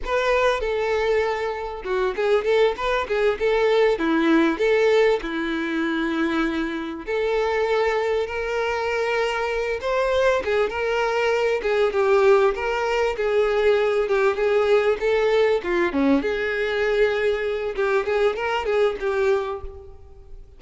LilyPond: \new Staff \with { instrumentName = "violin" } { \time 4/4 \tempo 4 = 98 b'4 a'2 fis'8 gis'8 | a'8 b'8 gis'8 a'4 e'4 a'8~ | a'8 e'2. a'8~ | a'4. ais'2~ ais'8 |
c''4 gis'8 ais'4. gis'8 g'8~ | g'8 ais'4 gis'4. g'8 gis'8~ | gis'8 a'4 f'8 cis'8 gis'4.~ | gis'4 g'8 gis'8 ais'8 gis'8 g'4 | }